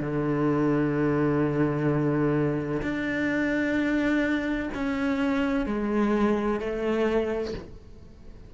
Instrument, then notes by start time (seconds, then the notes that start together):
cello
0.00 D3
2.82 D4
4.74 C#4
5.66 G#3
6.60 A3